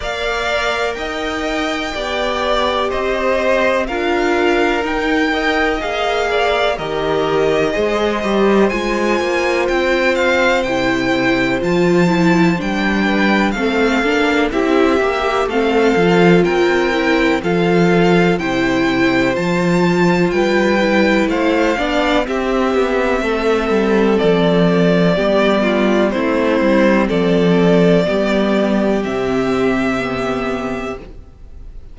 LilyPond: <<
  \new Staff \with { instrumentName = "violin" } { \time 4/4 \tempo 4 = 62 f''4 g''2 dis''4 | f''4 g''4 f''4 dis''4~ | dis''4 gis''4 g''8 f''8 g''4 | a''4 g''4 f''4 e''4 |
f''4 g''4 f''4 g''4 | a''4 g''4 f''4 e''4~ | e''4 d''2 c''4 | d''2 e''2 | }
  \new Staff \with { instrumentName = "violin" } { \time 4/4 d''4 dis''4 d''4 c''4 | ais'4. dis''4 d''8 ais'4 | c''1~ | c''4. b'8 a'4 g'4 |
a'4 ais'4 a'4 c''4~ | c''4 b'4 c''8 d''8 g'4 | a'2 g'8 f'8 e'4 | a'4 g'2. | }
  \new Staff \with { instrumentName = "viola" } { \time 4/4 ais'2 g'2 | f'4 dis'8 ais'8 gis'4 g'4 | gis'8 g'8 f'2 e'4 | f'8 e'8 d'4 c'8 d'8 e'8 g'8 |
c'8 f'4 e'8 f'4 e'4 | f'4. e'4 d'8 c'4~ | c'2 b4 c'4~ | c'4 b4 c'4 b4 | }
  \new Staff \with { instrumentName = "cello" } { \time 4/4 ais4 dis'4 b4 c'4 | d'4 dis'4 ais4 dis4 | gis8 g8 gis8 ais8 c'4 c4 | f4 g4 a8 ais8 c'8 ais8 |
a8 f8 c'4 f4 c4 | f4 g4 a8 b8 c'8 b8 | a8 g8 f4 g4 a8 g8 | f4 g4 c2 | }
>>